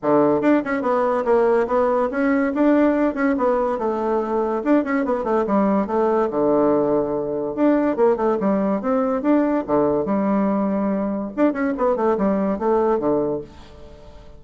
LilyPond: \new Staff \with { instrumentName = "bassoon" } { \time 4/4 \tempo 4 = 143 d4 d'8 cis'8 b4 ais4 | b4 cis'4 d'4. cis'8 | b4 a2 d'8 cis'8 | b8 a8 g4 a4 d4~ |
d2 d'4 ais8 a8 | g4 c'4 d'4 d4 | g2. d'8 cis'8 | b8 a8 g4 a4 d4 | }